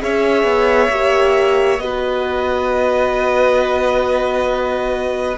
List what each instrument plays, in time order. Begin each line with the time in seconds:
0.00 cello C#4, horn G#4, violin C#5 E5
0.43 cello B3
0.89 cello A#3, horn G4
1.79 cello B3, horn F#4, violin B4 D#5